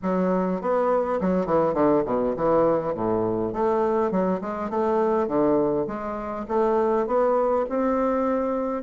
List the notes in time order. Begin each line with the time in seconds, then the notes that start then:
0.02 F#3
0.61 B3
1.21 F#3
1.46 E3
1.74 D3
2.05 B2
2.36 E3
2.94 A2
3.52 A3
4.11 F#3
4.41 G#3
4.70 A3
5.27 D3
5.87 G#3
6.47 A3
7.06 B3
7.69 C4